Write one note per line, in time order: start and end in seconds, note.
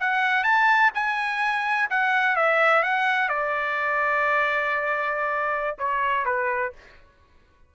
0.00 0.44 F#5
0.44 0.91 A5
0.94 1.89 G#5
1.90 2.36 F#5
2.36 2.83 E5
2.83 3.29 F#5
3.29 5.77 D5
5.78 6.25 C#5
6.25 6.72 B4